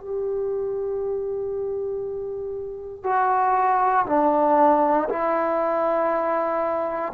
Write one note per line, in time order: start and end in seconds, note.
0.00 3.04 G4
3.04 4.05 F#4
4.07 5.08 D4
5.09 7.13 E4